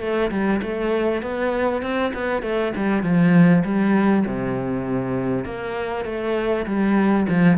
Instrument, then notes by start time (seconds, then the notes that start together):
cello
0.00 A3
0.31 G3
0.62 A3
1.22 B3
1.82 C4
2.13 B3
2.42 A3
2.76 G3
3.03 F3
3.64 G3
4.26 C3
5.45 A#3
6.05 A3
6.66 G3
7.28 F3